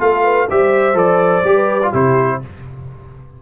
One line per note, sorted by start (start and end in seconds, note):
0.00 0.49 A3
0.00 0.48 F4
0.00 0.24 A4
0.00 0.49 F5
0.24 0.48 B4
0.49 0.95 G3
0.49 0.94 G4
0.49 1.55 C5
0.49 0.98 E5
0.94 1.43 F3
0.94 1.42 A4
0.94 1.94 D5
1.45 1.93 G3
1.45 1.82 G4
1.55 1.91 B4
1.83 1.94 F4
1.91 2.42 C3
1.91 2.42 E4
1.91 2.39 G4
1.91 2.43 C5